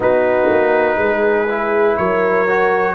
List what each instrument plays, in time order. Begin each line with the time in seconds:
0.00 tuba B3, trombone D#4, horn F#4, trumpet B4
0.49 tuba A#3
0.98 tuba G#3, horn G#4
1.49 trombone E4
1.97 tuba F#3, horn A#4, trumpet C#5
2.47 trombone F#4